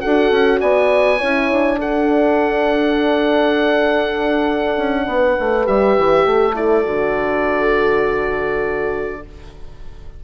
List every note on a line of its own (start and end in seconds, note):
0.00 0.31 D4
0.00 1.19 F#4
0.00 0.60 A4
0.00 0.59 F#5
0.31 0.60 C#4
0.60 1.21 B3
0.60 1.18 D5
0.60 1.79 G#5
1.18 1.51 C#4
1.18 1.78 E4
1.18 1.77 C#5
1.51 4.76 D4
1.78 5.63 D4
1.78 5.05 A4
1.78 5.66 F#5
4.76 5.06 C#4
5.06 5.36 B3
5.06 6.25 B4
5.39 5.68 A3
5.63 5.97 G3
5.63 6.52 G4
5.63 6.55 E5
5.97 6.25 E3
6.25 6.85 A3
6.25 9.22 A4
6.54 6.83 E4
6.54 9.23 D5
6.83 9.23 D3
6.83 9.21 F#4